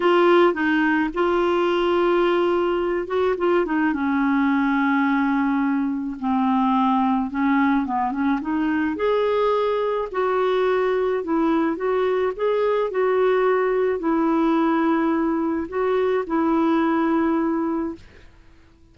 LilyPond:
\new Staff \with { instrumentName = "clarinet" } { \time 4/4 \tempo 4 = 107 f'4 dis'4 f'2~ | f'4. fis'8 f'8 dis'8 cis'4~ | cis'2. c'4~ | c'4 cis'4 b8 cis'8 dis'4 |
gis'2 fis'2 | e'4 fis'4 gis'4 fis'4~ | fis'4 e'2. | fis'4 e'2. | }